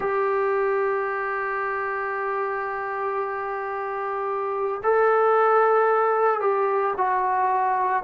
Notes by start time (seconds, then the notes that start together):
0.00 G4
4.83 A4
6.40 G4
6.97 F#4